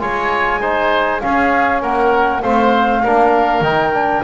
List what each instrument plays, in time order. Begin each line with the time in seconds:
0.00 double bass G#3, trombone F4, oboe C#5, flute G#5
0.61 trombone D#4, oboe C5
1.21 trombone C#4, double bass C#4, oboe G#4, flute F5
1.82 double bass A#3, oboe A#4, flute F#5
2.42 double bass A3, trombone C4, oboe C5, flute F5
3.03 double bass A#3, trombone D4, oboe A#4
3.61 double bass D#3, trombone D#4, flute G5
3.94 trombone D4